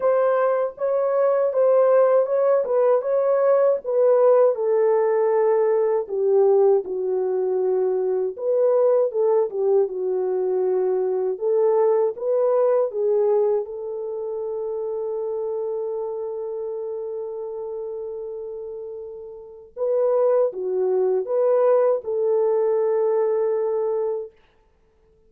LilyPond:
\new Staff \with { instrumentName = "horn" } { \time 4/4 \tempo 4 = 79 c''4 cis''4 c''4 cis''8 b'8 | cis''4 b'4 a'2 | g'4 fis'2 b'4 | a'8 g'8 fis'2 a'4 |
b'4 gis'4 a'2~ | a'1~ | a'2 b'4 fis'4 | b'4 a'2. | }